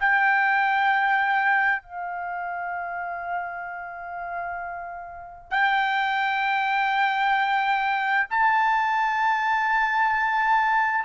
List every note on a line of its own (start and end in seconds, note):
0.00 1.83 G5
1.83 5.50 F5
5.50 8.27 G5
8.30 11.04 A5